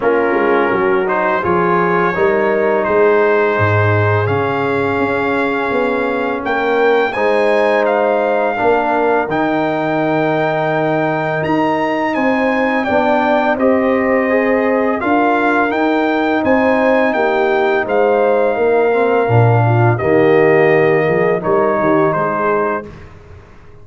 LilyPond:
<<
  \new Staff \with { instrumentName = "trumpet" } { \time 4/4 \tempo 4 = 84 ais'4. c''8 cis''2 | c''2 f''2~ | f''4 g''4 gis''4 f''4~ | f''4 g''2. |
ais''4 gis''4 g''4 dis''4~ | dis''4 f''4 g''4 gis''4 | g''4 f''2. | dis''2 cis''4 c''4 | }
  \new Staff \with { instrumentName = "horn" } { \time 4/4 f'4 fis'4 gis'4 ais'4 | gis'1~ | gis'4 ais'4 c''2 | ais'1~ |
ais'4 c''4 d''4 c''4~ | c''4 ais'2 c''4 | g'4 c''4 ais'4. f'8 | g'4. gis'8 ais'8 g'8 gis'4 | }
  \new Staff \with { instrumentName = "trombone" } { \time 4/4 cis'4. dis'8 f'4 dis'4~ | dis'2 cis'2~ | cis'2 dis'2 | d'4 dis'2.~ |
dis'2 d'4 g'4 | gis'4 f'4 dis'2~ | dis'2~ dis'8 c'8 d'4 | ais2 dis'2 | }
  \new Staff \with { instrumentName = "tuba" } { \time 4/4 ais8 gis8 fis4 f4 g4 | gis4 gis,4 cis4 cis'4 | b4 ais4 gis2 | ais4 dis2. |
dis'4 c'4 b4 c'4~ | c'4 d'4 dis'4 c'4 | ais4 gis4 ais4 ais,4 | dis4. f8 g8 dis8 gis4 | }
>>